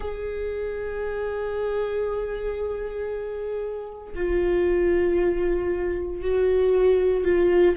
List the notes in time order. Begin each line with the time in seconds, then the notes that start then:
0.00 G#4
4.15 F4
6.21 F#4
7.24 F4